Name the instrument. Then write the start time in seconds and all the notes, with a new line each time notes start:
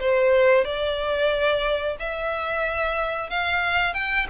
violin
0.00 C5
0.65 D5
2.00 E5
3.30 F5
3.94 G5